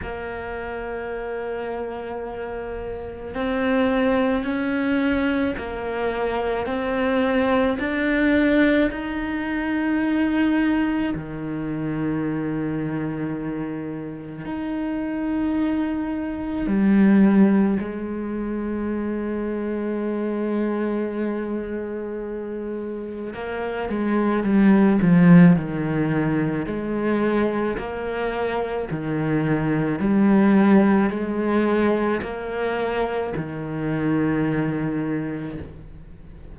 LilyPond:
\new Staff \with { instrumentName = "cello" } { \time 4/4 \tempo 4 = 54 ais2. c'4 | cis'4 ais4 c'4 d'4 | dis'2 dis2~ | dis4 dis'2 g4 |
gis1~ | gis4 ais8 gis8 g8 f8 dis4 | gis4 ais4 dis4 g4 | gis4 ais4 dis2 | }